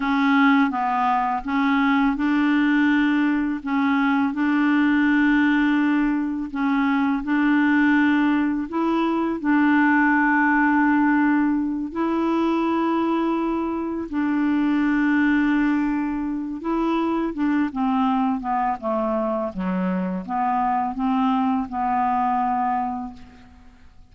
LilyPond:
\new Staff \with { instrumentName = "clarinet" } { \time 4/4 \tempo 4 = 83 cis'4 b4 cis'4 d'4~ | d'4 cis'4 d'2~ | d'4 cis'4 d'2 | e'4 d'2.~ |
d'8 e'2. d'8~ | d'2. e'4 | d'8 c'4 b8 a4 fis4 | b4 c'4 b2 | }